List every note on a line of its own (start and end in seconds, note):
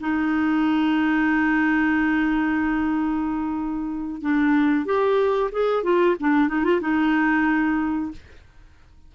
0.00 4.21 D#4
4.21 4.85 D4
4.85 5.50 G4
5.51 5.83 G#4
5.83 6.16 F4
6.20 6.48 D4
6.48 6.64 D#4
6.64 6.80 F4
6.81 8.11 D#4